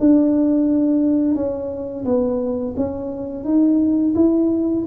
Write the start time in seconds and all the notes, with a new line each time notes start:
0.00 D4
1.35 C#4
2.05 B3
2.77 C#4
3.45 D#4
4.15 E4